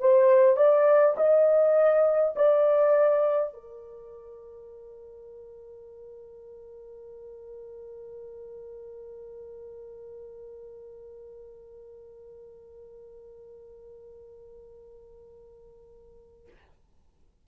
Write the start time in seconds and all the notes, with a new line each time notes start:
0.00 C5
0.57 D5
1.17 D#5
2.36 D5
3.53 A#4